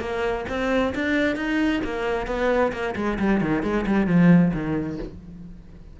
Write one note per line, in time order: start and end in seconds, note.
0.00 0.45 A#3
0.49 0.94 C4
0.95 1.36 D4
1.36 1.81 D#4
1.84 2.27 A#3
2.27 2.72 B3
2.72 2.95 A#3
2.96 3.18 G#3
3.19 3.41 G3
3.41 3.63 D#3
3.63 3.85 G#3
3.86 4.07 G3
4.07 4.52 F3
4.54 4.99 D#3